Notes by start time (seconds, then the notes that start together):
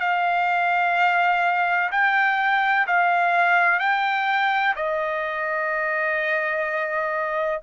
0.00 F5
1.91 G5
2.87 F5
3.79 G5
4.76 D#5